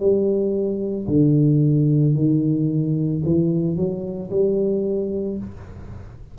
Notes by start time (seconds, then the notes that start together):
0.00 G3
1.08 D3
2.15 D#3
3.26 E3
3.76 F#3
4.31 G3